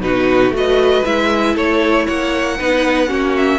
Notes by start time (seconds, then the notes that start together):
0.00 B2 D#4 F#4 B4
0.50 A3 F#4 B4
0.57 D#5
1.04 G#3 E4 E5
1.54 A3 A4 C#5
2.05 A#3 C#5 F#5
2.57 B3 D#4 B4
3.07 A#3 C#4 F#4
3.36 E5